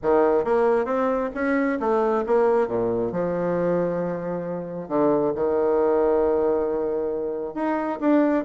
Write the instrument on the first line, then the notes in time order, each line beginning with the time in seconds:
bassoon
0.02 D#3
0.44 A#3
0.85 C4
1.34 C#4
1.80 A3
2.26 A#3
2.67 A#2
3.12 F3
4.88 D3
5.35 D#3
7.54 D#4
8.00 D4